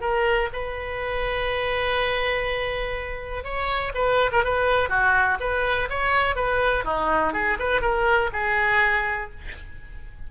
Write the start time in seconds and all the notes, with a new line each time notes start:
0.00 A#4
0.53 B4
3.44 C#5
3.94 B4
4.32 A#4
4.44 B4
4.89 F#4
5.40 B4
5.89 C#5
6.35 B4
6.84 D#4
7.33 G#4
7.59 B4
7.81 A#4
8.33 G#4